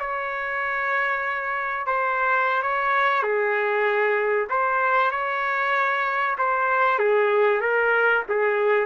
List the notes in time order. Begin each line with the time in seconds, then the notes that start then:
0.00 C#5
1.87 C5
2.63 C#5
3.23 G#4
4.50 C5
5.12 C#5
6.38 C5
6.99 G#4
7.61 A#4
8.29 G#4